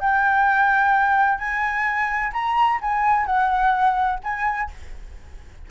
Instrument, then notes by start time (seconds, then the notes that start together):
flute
0.00 G5
1.38 G#5
2.33 A#5
2.81 G#5
3.26 F#5
4.24 G#5